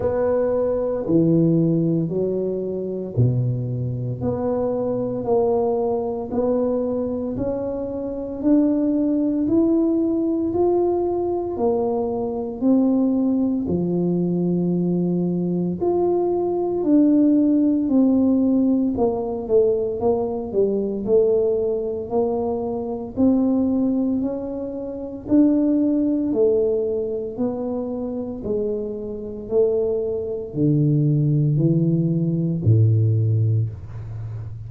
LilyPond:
\new Staff \with { instrumentName = "tuba" } { \time 4/4 \tempo 4 = 57 b4 e4 fis4 b,4 | b4 ais4 b4 cis'4 | d'4 e'4 f'4 ais4 | c'4 f2 f'4 |
d'4 c'4 ais8 a8 ais8 g8 | a4 ais4 c'4 cis'4 | d'4 a4 b4 gis4 | a4 d4 e4 a,4 | }